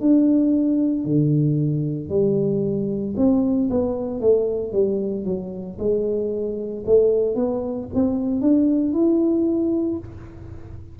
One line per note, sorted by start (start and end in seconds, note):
0.00 1.04 D4
1.04 2.09 D3
2.09 3.14 G3
3.16 3.69 C4
3.69 4.20 B3
4.20 4.72 A3
4.72 5.24 G3
5.24 5.77 F#3
5.78 6.84 G#3
6.86 7.34 A3
7.34 7.87 B3
7.94 8.41 C4
8.41 8.93 D4
8.93 9.98 E4